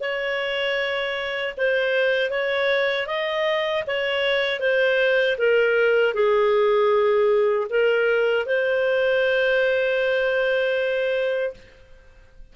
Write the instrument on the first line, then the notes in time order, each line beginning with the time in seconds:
clarinet
0.00 C#5
1.57 C5
2.30 C#5
3.06 D#5
3.86 C#5
4.59 C5
5.38 A#4
6.13 G#4
7.69 A#4
8.46 C5